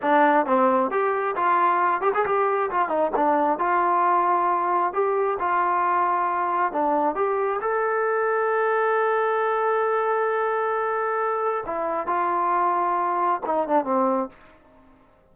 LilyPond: \new Staff \with { instrumentName = "trombone" } { \time 4/4 \tempo 4 = 134 d'4 c'4 g'4 f'4~ | f'8 g'16 gis'16 g'4 f'8 dis'8 d'4 | f'2. g'4 | f'2. d'4 |
g'4 a'2.~ | a'1~ | a'2 e'4 f'4~ | f'2 dis'8 d'8 c'4 | }